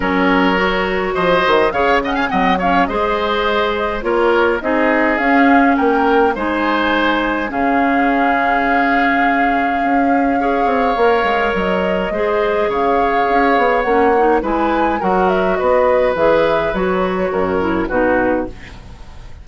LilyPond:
<<
  \new Staff \with { instrumentName = "flute" } { \time 4/4 \tempo 4 = 104 cis''2 dis''4 f''8 fis''16 gis''16 | fis''8 f''8 dis''2 cis''4 | dis''4 f''4 g''4 gis''4~ | gis''4 f''2.~ |
f''1 | dis''2 f''2 | fis''4 gis''4 fis''8 e''8 dis''4 | e''4 cis''2 b'4 | }
  \new Staff \with { instrumentName = "oboe" } { \time 4/4 ais'2 c''4 cis''8 dis''16 f''16 | dis''8 cis''8 c''2 ais'4 | gis'2 ais'4 c''4~ | c''4 gis'2.~ |
gis'2 cis''2~ | cis''4 c''4 cis''2~ | cis''4 b'4 ais'4 b'4~ | b'2 ais'4 fis'4 | }
  \new Staff \with { instrumentName = "clarinet" } { \time 4/4 cis'4 fis'2 gis'8 cis'8 | c'8 cis'8 gis'2 f'4 | dis'4 cis'2 dis'4~ | dis'4 cis'2.~ |
cis'2 gis'4 ais'4~ | ais'4 gis'2. | cis'8 dis'8 e'4 fis'2 | gis'4 fis'4. e'8 dis'4 | }
  \new Staff \with { instrumentName = "bassoon" } { \time 4/4 fis2 f8 dis8 cis4 | fis4 gis2 ais4 | c'4 cis'4 ais4 gis4~ | gis4 cis2.~ |
cis4 cis'4. c'8 ais8 gis8 | fis4 gis4 cis4 cis'8 b8 | ais4 gis4 fis4 b4 | e4 fis4 fis,4 b,4 | }
>>